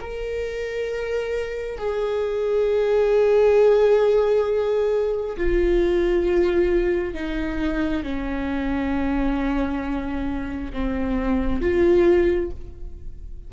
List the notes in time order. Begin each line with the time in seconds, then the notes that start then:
0.00 A#4
1.77 G#4
5.36 F4
7.14 D#4
8.03 C#4
10.73 C4
11.61 F4